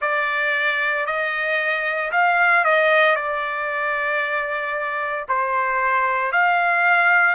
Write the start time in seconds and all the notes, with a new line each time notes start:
0.01 D5
1.06 D#5
2.11 F5
2.64 D#5
3.15 D5
5.28 C5
6.32 F5